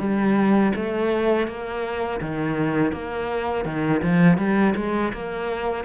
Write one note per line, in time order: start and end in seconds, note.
0.00 0.73 G3
0.76 1.48 A3
1.48 2.21 A#3
2.21 2.93 D#3
2.93 3.65 A#3
3.65 4.02 D#3
4.03 4.38 F3
4.38 4.75 G3
4.76 5.13 G#3
5.13 5.85 A#3